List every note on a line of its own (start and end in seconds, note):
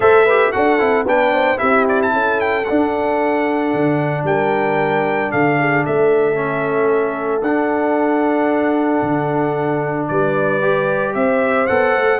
0.00 0.49 A3
0.00 0.27 A4
0.00 0.25 C5
0.00 0.52 E5
0.25 0.52 G4
0.25 0.51 B4
0.52 0.80 D4
0.52 0.79 F#4
0.52 1.06 A4
0.52 1.05 F#5
0.79 1.04 C4
0.79 1.05 E4
1.04 1.57 B3
1.04 1.57 D4
1.04 1.32 B4
1.04 1.58 G5
1.32 1.59 C5
1.57 2.13 C4
1.57 2.63 E4
1.57 2.12 G4
1.57 1.85 E5
1.88 2.01 D5
2.02 2.40 A5
2.13 2.66 C#4
2.13 4.25 A4
2.40 2.64 G5
2.64 6.34 D4
2.64 3.73 D4
2.64 4.24 F#5
3.73 4.23 D3
4.23 5.29 G3
4.23 5.31 A#4
4.23 5.31 G5
5.31 5.86 D3
5.31 5.58 A4
5.31 5.84 F5
5.59 5.84 G#4
5.84 7.41 A3
5.84 10.09 A4
5.84 7.42 E5
6.34 7.41 C#4
7.41 9.01 D4
7.41 10.61 D4
7.41 10.07 F#5
9.02 10.08 D3
10.07 11.15 G3
10.07 11.15 B4
10.07 11.13 D5
10.61 11.67 G4
11.14 11.68 C4
11.14 12.19 C5
11.14 11.66 E5
11.66 11.95 B3
11.66 12.19 A4
11.66 12.19 F#5
11.95 12.19 A3